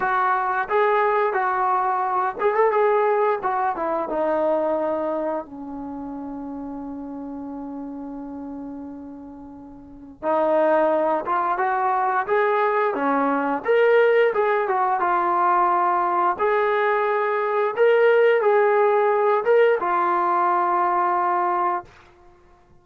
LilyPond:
\new Staff \with { instrumentName = "trombone" } { \time 4/4 \tempo 4 = 88 fis'4 gis'4 fis'4. gis'16 a'16 | gis'4 fis'8 e'8 dis'2 | cis'1~ | cis'2. dis'4~ |
dis'8 f'8 fis'4 gis'4 cis'4 | ais'4 gis'8 fis'8 f'2 | gis'2 ais'4 gis'4~ | gis'8 ais'8 f'2. | }